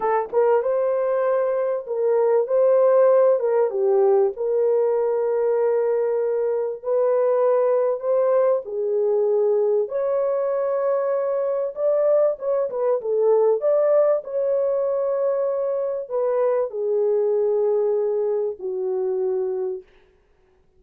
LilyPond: \new Staff \with { instrumentName = "horn" } { \time 4/4 \tempo 4 = 97 a'8 ais'8 c''2 ais'4 | c''4. ais'8 g'4 ais'4~ | ais'2. b'4~ | b'4 c''4 gis'2 |
cis''2. d''4 | cis''8 b'8 a'4 d''4 cis''4~ | cis''2 b'4 gis'4~ | gis'2 fis'2 | }